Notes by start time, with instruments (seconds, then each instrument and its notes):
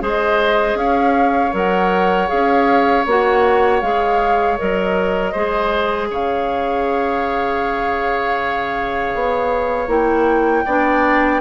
0.00 bassoon G#3, clarinet G#4, oboe C5, flute D#5
0.74 bassoon C#4, oboe C#5, flute F5
1.52 bassoon F#3, clarinet A#4, flute F#5
2.28 bassoon C#4, clarinet G#4, flute F5
3.06 bassoon A#3, clarinet F#4, flute F#5
3.81 bassoon G#3, clarinet G#4, flute F5
4.57 bassoon F#3, clarinet A#4, flute D#5
5.31 bassoon G#3, clarinet G#4, oboe C5
6.10 bassoon C#3, oboe C#5, flute F5
9.14 bassoon B3
9.87 bassoon A#3, clarinet E4, flute G5
10.65 bassoon B3, clarinet D4, oboe D5